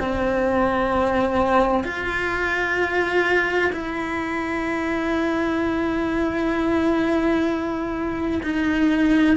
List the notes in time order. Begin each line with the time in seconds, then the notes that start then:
0.00 C4
1.85 F4
3.73 E4
8.44 D#4